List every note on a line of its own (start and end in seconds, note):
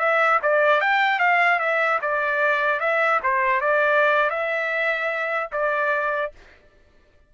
0.00 0.40 E5
0.43 0.81 D5
0.81 1.20 G5
1.20 1.60 F5
1.60 2.00 E5
2.02 2.81 D5
2.81 3.21 E5
3.24 3.61 C5
3.61 4.30 D5
4.30 5.50 E5
5.53 6.33 D5